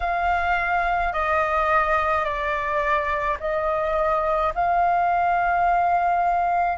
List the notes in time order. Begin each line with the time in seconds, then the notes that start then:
0.00 F5
1.13 D#5
2.24 D5
3.40 D#5
4.54 F5